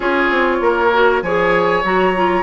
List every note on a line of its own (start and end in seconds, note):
0.00 0.30 C#4
0.00 0.91 F4
0.00 0.57 G#4
0.00 1.22 C#5
0.30 0.60 C4
0.60 1.21 A#3
0.60 1.23 A#4
0.92 1.22 F#4
1.21 1.83 F3
1.21 1.83 G#4
1.21 2.42 C#5
1.21 1.83 G#5
1.83 2.42 F#3
1.83 2.14 F#4
1.83 2.42 A#5
2.15 2.42 F4